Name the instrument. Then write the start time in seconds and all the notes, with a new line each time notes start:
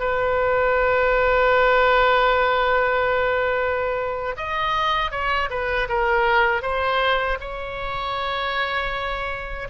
oboe
0.00 B4
4.37 D#5
5.12 C#5
5.51 B4
5.89 A#4
6.62 C5
7.41 C#5